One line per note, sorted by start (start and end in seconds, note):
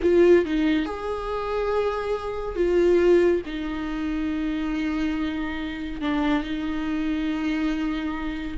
0.02 0.45 F4
0.45 0.85 D#4
0.85 2.55 G#4
2.55 3.41 F4
3.45 6.01 D#4
6.01 6.43 D4
6.43 8.57 D#4